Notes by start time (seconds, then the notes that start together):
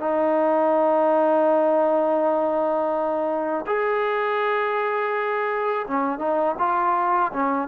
0.00 D#4
3.67 G#4
5.88 C#4
6.19 D#4
6.59 F4
7.33 C#4